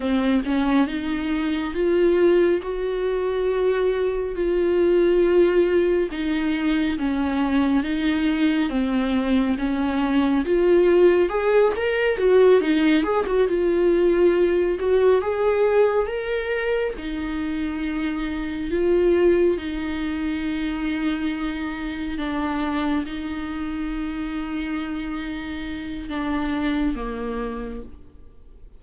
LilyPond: \new Staff \with { instrumentName = "viola" } { \time 4/4 \tempo 4 = 69 c'8 cis'8 dis'4 f'4 fis'4~ | fis'4 f'2 dis'4 | cis'4 dis'4 c'4 cis'4 | f'4 gis'8 ais'8 fis'8 dis'8 gis'16 fis'16 f'8~ |
f'4 fis'8 gis'4 ais'4 dis'8~ | dis'4. f'4 dis'4.~ | dis'4. d'4 dis'4.~ | dis'2 d'4 ais4 | }